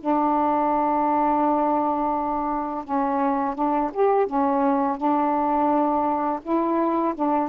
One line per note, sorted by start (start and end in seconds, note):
0.00 2.84 D4
2.84 3.55 C#4
3.55 3.90 D4
3.93 4.26 G4
4.26 4.97 C#4
4.97 6.40 D4
6.42 7.14 E4
7.15 7.49 D4